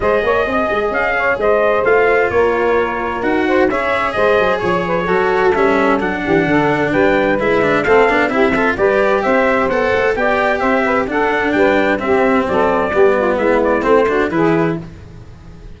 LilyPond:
<<
  \new Staff \with { instrumentName = "trumpet" } { \time 4/4 \tempo 4 = 130 dis''2 f''4 dis''4 | f''4 cis''2 fis''4 | e''4 dis''4 cis''2 | e''4 fis''2 g''4 |
e''4 f''4 e''4 d''4 | e''4 fis''4 g''4 e''4 | fis''4 g''4 e''4 d''4~ | d''4 e''8 d''8 c''4 b'4 | }
  \new Staff \with { instrumentName = "saxophone" } { \time 4/4 c''8 cis''8 dis''4. cis''8 c''4~ | c''4 ais'2~ ais'8 c''8 | cis''4 c''4 cis''8 b'8 a'4~ | a'4. g'8 a'4 b'4~ |
b'4 a'4 g'8 a'8 b'4 | c''2 d''4 c''8 b'8 | a'4 b'4 g'4 a'4 | g'8 f'8 e'4. fis'8 gis'4 | }
  \new Staff \with { instrumentName = "cello" } { \time 4/4 gis'1 | f'2. fis'4 | gis'2. fis'4 | cis'4 d'2. |
e'8 d'8 c'8 d'8 e'8 f'8 g'4~ | g'4 a'4 g'2 | d'2 c'2 | b2 c'8 d'8 e'4 | }
  \new Staff \with { instrumentName = "tuba" } { \time 4/4 gis8 ais8 c'8 gis8 cis'4 gis4 | a4 ais2 dis'4 | cis'4 gis8 fis8 f4 fis4 | g4 fis8 e8 d4 g4 |
gis4 a8 b8 c'4 g4 | c'4 b8 a8 b4 c'4 | d'4 g4 c'4 fis4 | g4 gis4 a4 e4 | }
>>